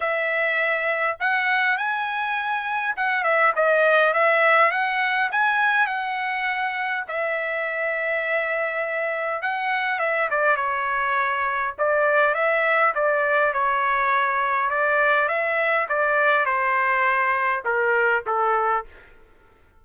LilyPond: \new Staff \with { instrumentName = "trumpet" } { \time 4/4 \tempo 4 = 102 e''2 fis''4 gis''4~ | gis''4 fis''8 e''8 dis''4 e''4 | fis''4 gis''4 fis''2 | e''1 |
fis''4 e''8 d''8 cis''2 | d''4 e''4 d''4 cis''4~ | cis''4 d''4 e''4 d''4 | c''2 ais'4 a'4 | }